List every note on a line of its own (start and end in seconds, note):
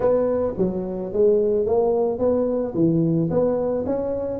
0.00 0.54 B3
0.57 1.12 F#3
1.13 1.66 G#3
1.66 2.18 A#3
2.18 2.73 B3
2.74 3.29 E3
3.30 3.85 B3
3.85 4.40 C#4